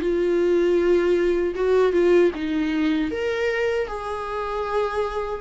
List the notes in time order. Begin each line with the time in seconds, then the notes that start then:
0.00 F4
1.55 F#4
1.92 F4
2.35 D#4
3.10 A#4
3.87 G#4